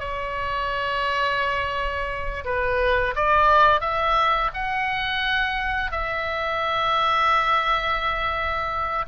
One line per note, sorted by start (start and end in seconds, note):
0.00 2.44 C#5
2.45 3.15 B4
3.16 3.81 D5
3.81 4.51 E5
4.54 5.91 F#5
5.91 9.05 E5